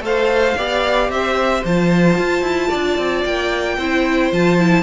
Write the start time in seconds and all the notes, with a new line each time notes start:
0.00 A3 A4 C5 F5
0.56 B3 G4 D5
1.09 C4 C5 E5
1.64 F3 F4 A5
2.17 F4
2.41 E4
2.69 D4 D5
2.98 C4
3.25 A#3 G5
3.77 C4 E4 C5
4.31 F3 F4 A5
4.59 E4